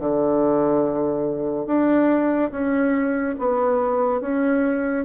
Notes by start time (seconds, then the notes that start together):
0.00 D3
1.66 D4
2.51 C#4
3.39 B3
4.21 C#4